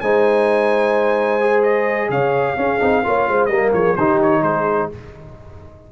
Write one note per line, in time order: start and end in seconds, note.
0.00 2.09 G#3
0.00 1.40 D#4
0.00 2.11 C5
0.00 1.63 G#5
1.40 2.57 G#4
1.63 2.09 D#5
2.09 2.55 C#3
2.09 2.58 C#5
2.09 3.45 F5
2.56 2.79 C#4
2.56 3.05 G#4
2.79 3.04 C4
2.79 3.02 D#4
3.03 3.28 A#3
3.03 3.50 F4
3.03 3.29 C#5
3.28 3.48 G#3
3.28 3.49 C5
3.45 3.72 G3
3.45 3.97 A#3
3.45 3.72 A#4
3.45 3.69 D#5
3.73 3.96 F3
3.73 3.96 G#4
3.73 3.95 C#5
3.95 4.42 D#3
3.95 4.92 D#4
3.95 4.41 G4
3.95 4.19 C5
4.22 4.43 C#5
4.41 4.88 G#3
4.41 4.88 G#4
4.41 4.89 C5